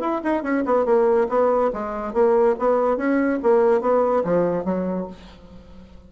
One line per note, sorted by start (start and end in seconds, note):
0.00 0.21 E4
0.24 0.43 D#4
0.43 0.64 C#4
0.65 0.85 B3
0.85 1.27 A#3
1.29 1.71 B3
1.73 2.13 G#3
2.13 2.55 A#3
2.59 2.97 B3
2.97 3.39 C#4
3.42 3.81 A#3
3.81 4.23 B3
4.24 4.64 F3
4.64 5.07 F#3